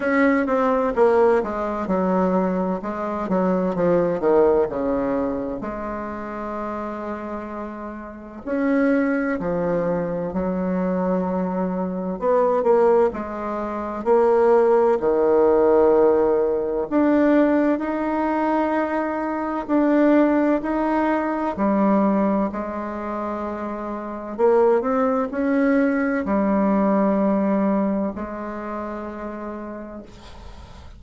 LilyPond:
\new Staff \with { instrumentName = "bassoon" } { \time 4/4 \tempo 4 = 64 cis'8 c'8 ais8 gis8 fis4 gis8 fis8 | f8 dis8 cis4 gis2~ | gis4 cis'4 f4 fis4~ | fis4 b8 ais8 gis4 ais4 |
dis2 d'4 dis'4~ | dis'4 d'4 dis'4 g4 | gis2 ais8 c'8 cis'4 | g2 gis2 | }